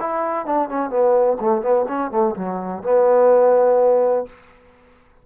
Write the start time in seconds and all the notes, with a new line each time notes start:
0.00 E4
0.46 D4
0.69 C#4
0.90 B3
1.41 A3
1.62 B3
1.88 C#4
2.11 A3
2.36 F#3
2.84 B3